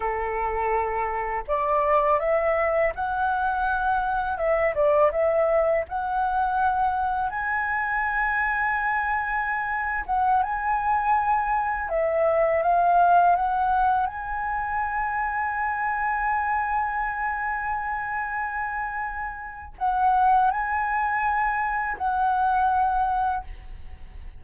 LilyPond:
\new Staff \with { instrumentName = "flute" } { \time 4/4 \tempo 4 = 82 a'2 d''4 e''4 | fis''2 e''8 d''8 e''4 | fis''2 gis''2~ | gis''4.~ gis''16 fis''8 gis''4.~ gis''16~ |
gis''16 e''4 f''4 fis''4 gis''8.~ | gis''1~ | gis''2. fis''4 | gis''2 fis''2 | }